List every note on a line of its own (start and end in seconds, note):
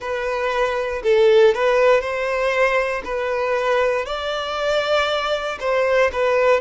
0.00 1.02 B4
1.03 1.54 A4
1.54 2.00 B4
2.00 3.02 C5
3.04 4.05 B4
4.05 5.58 D5
5.59 6.10 C5
6.12 6.60 B4